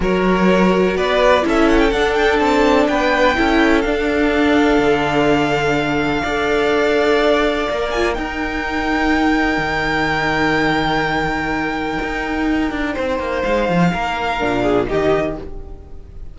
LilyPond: <<
  \new Staff \with { instrumentName = "violin" } { \time 4/4 \tempo 4 = 125 cis''2 d''4 e''8 fis''16 g''16 | fis''8 g''8 a''4 g''2 | f''1~ | f''1~ |
f''8 gis''8 g''2.~ | g''1~ | g''1 | f''2. dis''4 | }
  \new Staff \with { instrumentName = "violin" } { \time 4/4 ais'2 b'4 a'4~ | a'2 b'4 a'4~ | a'1~ | a'4 d''2.~ |
d''4 ais'2.~ | ais'1~ | ais'2. c''4~ | c''4 ais'4. gis'8 g'4 | }
  \new Staff \with { instrumentName = "viola" } { \time 4/4 fis'2. e'4 | d'2. e'4 | d'1~ | d'4 a'2. |
ais'8 f'8 dis'2.~ | dis'1~ | dis'1~ | dis'2 d'4 dis'4 | }
  \new Staff \with { instrumentName = "cello" } { \time 4/4 fis2 b4 cis'4 | d'4 c'4 b4 cis'4 | d'2 d2~ | d4 d'2. |
ais4 dis'2. | dis1~ | dis4 dis'4. d'8 c'8 ais8 | gis8 f8 ais4 ais,4 dis4 | }
>>